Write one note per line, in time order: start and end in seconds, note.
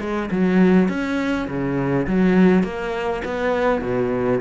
0.00 0.29 G#3
0.31 0.89 F#3
0.89 1.47 C#4
1.48 2.06 C#3
2.07 2.63 F#3
2.63 3.22 A#3
3.24 3.81 B3
3.81 4.40 B2